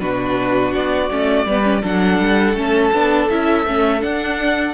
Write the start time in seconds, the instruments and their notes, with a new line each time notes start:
0.00 cello B2, viola D4, violin F#4 B4
0.75 cello B3, violin D5
1.11 cello A3, viola C#4
1.46 cello G3, viola B3, violin B4
1.64 viola C#4
1.83 cello F#3, viola D4, violin A4 F#5
2.20 cello G3
2.54 cello A3, viola C#4, violin A5
2.93 cello B3, viola D4
3.30 cello C#4, viola E4, violin E5
3.66 cello A3, viola C#4
4.00 viola D4, cello D4, violin F#5